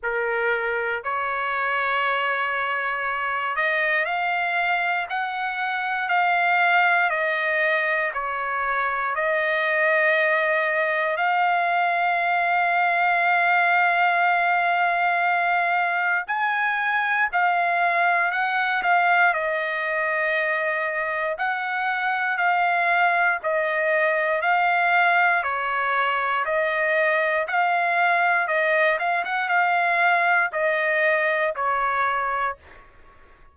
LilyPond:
\new Staff \with { instrumentName = "trumpet" } { \time 4/4 \tempo 4 = 59 ais'4 cis''2~ cis''8 dis''8 | f''4 fis''4 f''4 dis''4 | cis''4 dis''2 f''4~ | f''1 |
gis''4 f''4 fis''8 f''8 dis''4~ | dis''4 fis''4 f''4 dis''4 | f''4 cis''4 dis''4 f''4 | dis''8 f''16 fis''16 f''4 dis''4 cis''4 | }